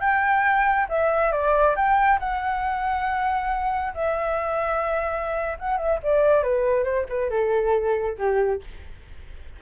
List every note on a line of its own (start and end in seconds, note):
0.00 0.87 G5
0.89 1.32 E5
1.32 1.75 D5
1.76 2.19 G5
2.20 3.93 F#5
3.94 5.57 E5
5.59 5.77 F#5
5.77 5.99 E5
6.03 6.43 D5
6.43 6.84 B4
6.84 7.06 C5
7.09 7.30 B4
7.30 8.17 A4
8.18 8.61 G4